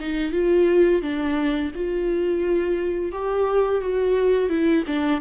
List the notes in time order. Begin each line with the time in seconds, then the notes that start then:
0.00 D#4
0.32 F4
1.02 D4
1.74 F4
3.12 G4
3.81 F#4
4.49 E4
4.87 D4